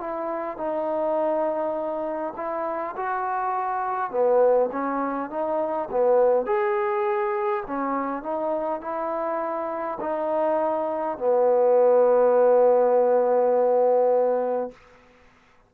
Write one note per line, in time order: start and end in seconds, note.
0.00 0.57 E4
0.57 2.34 D#4
2.36 2.95 E4
2.97 4.11 F#4
4.11 4.70 B3
4.72 5.30 C#4
5.30 5.89 D#4
5.91 6.46 B3
6.46 7.64 G#4
7.67 8.23 C#4
8.23 8.81 D#4
8.81 9.98 E4
10.01 11.18 D#4
11.18 14.71 B3